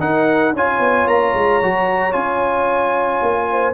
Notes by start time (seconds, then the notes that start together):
0.00 D#4 A#4 F#5
0.53 C#4 F4 C#5 G#5
0.79 B3
1.07 A#3 A#5
1.34 G#3
1.61 F#3 F#4
2.12 C#4 F4 G#5
3.22 A#3
3.51 C5